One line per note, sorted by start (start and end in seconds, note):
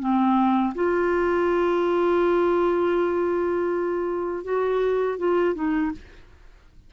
0.00 0.74 C4
0.75 4.45 F4
4.45 5.19 F#4
5.19 5.55 F4
5.55 5.92 D#4